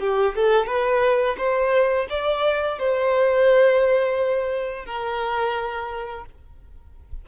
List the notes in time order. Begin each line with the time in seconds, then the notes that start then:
0.00 G4
0.35 A4
0.66 B4
1.37 C5
2.10 D5
2.79 C5
4.86 A#4